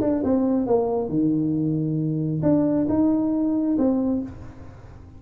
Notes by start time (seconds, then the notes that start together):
0.00 D4
0.23 C4
0.66 A#3
1.09 D#3
2.42 D4
2.89 D#4
3.78 C4